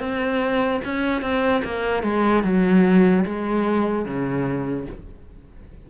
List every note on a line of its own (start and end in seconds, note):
0.00 0.81 C4
0.85 1.22 C#4
1.22 1.63 C4
1.64 2.03 A#3
2.03 2.44 G#3
2.44 3.25 F#3
3.26 4.05 G#3
4.05 4.86 C#3